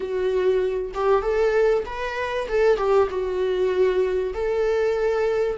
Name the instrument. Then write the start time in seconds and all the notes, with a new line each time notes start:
viola
0.00 F#4
0.94 G4
1.22 A4
1.85 B4
2.47 A4
2.77 G4
3.10 F#4
4.34 A4